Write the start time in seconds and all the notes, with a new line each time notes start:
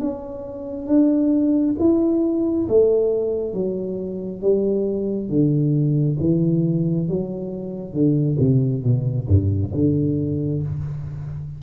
0.00 C#4
0.87 D4
1.79 E4
2.68 A3
3.54 F#3
4.42 G3
5.29 D3
6.20 E3
7.08 F#3
7.93 D3
8.39 C3
8.84 B2
9.28 G2
9.74 D3